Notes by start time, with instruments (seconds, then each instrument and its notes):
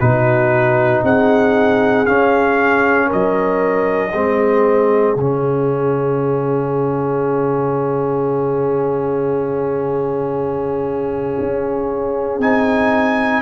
0.00 tuba B2, trombone D#4, horn F#4, trumpet B4
1.03 tuba C4, horn G#4, trumpet F#5
2.06 trombone C#4, tuba C#4, trumpet F5
3.07 horn A#4, trumpet D#5
3.14 tuba F#3
4.13 tuba G#3, trombone C4, horn G#4
5.16 tuba C#3, trombone C#4, trumpet F5
11.39 tuba C#4
12.39 tuba C4, trombone D#4, trumpet G#5